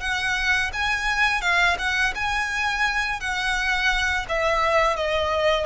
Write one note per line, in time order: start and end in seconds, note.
0.00 0.71 F#5
0.73 1.41 G#5
1.41 1.76 F5
1.78 2.13 F#5
2.15 3.20 G#5
3.20 4.26 F#5
4.28 4.96 E5
4.96 5.66 D#5